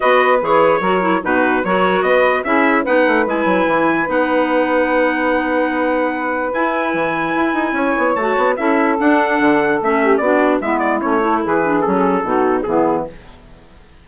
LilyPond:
<<
  \new Staff \with { instrumentName = "trumpet" } { \time 4/4 \tempo 4 = 147 dis''4 cis''2 b'4 | cis''4 dis''4 e''4 fis''4 | gis''2 fis''2~ | fis''1 |
gis''1 | a''4 e''4 fis''2 | e''4 d''4 e''8 d''8 cis''4 | b'4 a'2 gis'4 | }
  \new Staff \with { instrumentName = "saxophone" } { \time 4/4 b'2 ais'4 fis'4 | ais'4 b'4 gis'4 b'4~ | b'1~ | b'1~ |
b'2. cis''4~ | cis''4 a'2.~ | a'8 g'8 fis'4 e'4. a'8 | gis'2 fis'4 e'4 | }
  \new Staff \with { instrumentName = "clarinet" } { \time 4/4 fis'4 gis'4 fis'8 e'8 dis'4 | fis'2 e'4 dis'4 | e'2 dis'2~ | dis'1 |
e'1 | fis'4 e'4 d'2 | cis'4 d'4 b4 cis'8 e'8~ | e'8 d'8 cis'4 dis'4 b4 | }
  \new Staff \with { instrumentName = "bassoon" } { \time 4/4 b4 e4 fis4 b,4 | fis4 b4 cis'4 b8 a8 | gis8 fis8 e4 b2~ | b1 |
e'4 e4 e'8 dis'8 cis'8 b8 | a8 b8 cis'4 d'4 d4 | a4 b4 gis4 a4 | e4 fis4 b,4 e4 | }
>>